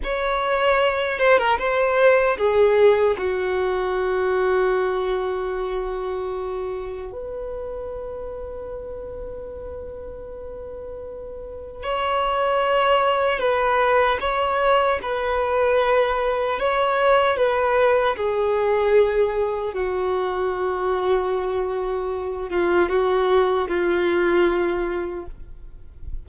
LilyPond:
\new Staff \with { instrumentName = "violin" } { \time 4/4 \tempo 4 = 76 cis''4. c''16 ais'16 c''4 gis'4 | fis'1~ | fis'4 b'2.~ | b'2. cis''4~ |
cis''4 b'4 cis''4 b'4~ | b'4 cis''4 b'4 gis'4~ | gis'4 fis'2.~ | fis'8 f'8 fis'4 f'2 | }